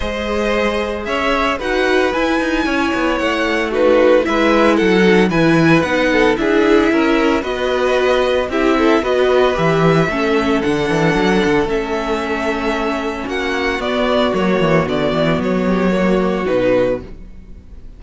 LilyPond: <<
  \new Staff \with { instrumentName = "violin" } { \time 4/4 \tempo 4 = 113 dis''2 e''4 fis''4 | gis''2 fis''4 b'4 | e''4 fis''4 gis''4 fis''4 | e''2 dis''2 |
e''4 dis''4 e''2 | fis''2 e''2~ | e''4 fis''4 d''4 cis''4 | d''4 cis''2 b'4 | }
  \new Staff \with { instrumentName = "violin" } { \time 4/4 c''2 cis''4 b'4~ | b'4 cis''2 fis'4 | b'4 a'4 b'4. a'8 | gis'4 ais'4 b'2 |
g'8 a'8 b'2 a'4~ | a'1~ | a'4 fis'2.~ | fis'4. g'8 fis'2 | }
  \new Staff \with { instrumentName = "viola" } { \time 4/4 gis'2. fis'4 | e'2. dis'4 | e'4. dis'8 e'4 dis'4 | e'2 fis'2 |
e'4 fis'4 g'4 cis'4 | d'2 cis'2~ | cis'2 b4 ais4 | b2 ais4 dis'4 | }
  \new Staff \with { instrumentName = "cello" } { \time 4/4 gis2 cis'4 dis'4 | e'8 dis'8 cis'8 b8 a2 | gis4 fis4 e4 b4 | d'4 cis'4 b2 |
c'4 b4 e4 a4 | d8 e8 fis8 d8 a2~ | a4 ais4 b4 fis8 e8 | d8 e8 fis2 b,4 | }
>>